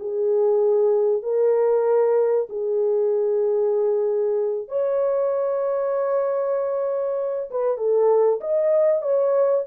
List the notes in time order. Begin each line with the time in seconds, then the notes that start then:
0.00 G#4
1.23 A#4
2.50 G#4
4.69 C#5
7.51 B4
7.78 A4
8.41 D#5
9.02 C#5